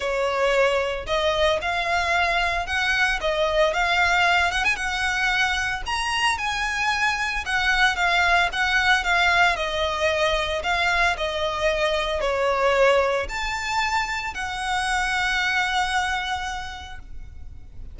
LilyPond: \new Staff \with { instrumentName = "violin" } { \time 4/4 \tempo 4 = 113 cis''2 dis''4 f''4~ | f''4 fis''4 dis''4 f''4~ | f''8 fis''16 gis''16 fis''2 ais''4 | gis''2 fis''4 f''4 |
fis''4 f''4 dis''2 | f''4 dis''2 cis''4~ | cis''4 a''2 fis''4~ | fis''1 | }